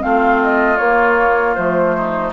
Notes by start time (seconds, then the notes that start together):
0.00 A3 C4 F4 F5
0.43 D#5
0.78 A#3 C#5
1.55 F3 A3 C5
1.97 D#4